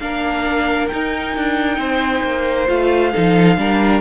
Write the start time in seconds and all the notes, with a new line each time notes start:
0.00 A#3 D4 A#4 F5
0.88 D#4 G5
1.37 D4
1.78 C4 C5
2.24 A#3
2.67 A3 F4 F5
3.13 F3 D#4 A4
3.58 G3 D4 A#4